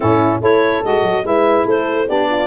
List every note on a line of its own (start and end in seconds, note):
0.00 0.40 A2
0.00 0.40 C#4
0.00 0.41 E4
0.00 0.40 A4
0.40 0.82 A3
0.40 0.82 E4
0.40 1.25 A4
0.40 0.84 C#5
0.83 1.02 G#3
0.83 1.22 F#4
0.83 1.26 D#5
1.02 1.22 F#3
1.22 1.65 G#3
1.22 2.06 E4
1.22 1.65 B4
1.22 1.67 E5
1.65 2.08 A3
1.65 2.07 A4
1.65 2.09 C5
2.07 2.47 B3
2.07 2.47 D4
2.07 2.29 G4
2.07 2.47 D5
2.30 2.47 F4